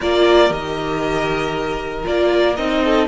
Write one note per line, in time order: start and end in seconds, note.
0.00 0.50 A#3
0.00 0.48 F4
0.00 2.82 A#4
0.00 0.52 D5
0.48 2.03 D#3
0.48 2.02 G4
0.48 2.06 D#5
2.03 2.58 A#3
2.03 2.55 F4
2.03 2.55 D5
2.55 3.07 C4
2.55 3.07 D#4
2.55 3.07 D#5
2.83 3.07 A4